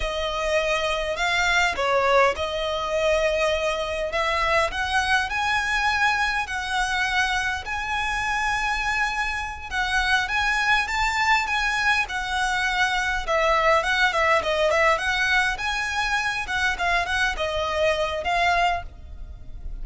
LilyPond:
\new Staff \with { instrumentName = "violin" } { \time 4/4 \tempo 4 = 102 dis''2 f''4 cis''4 | dis''2. e''4 | fis''4 gis''2 fis''4~ | fis''4 gis''2.~ |
gis''8 fis''4 gis''4 a''4 gis''8~ | gis''8 fis''2 e''4 fis''8 | e''8 dis''8 e''8 fis''4 gis''4. | fis''8 f''8 fis''8 dis''4. f''4 | }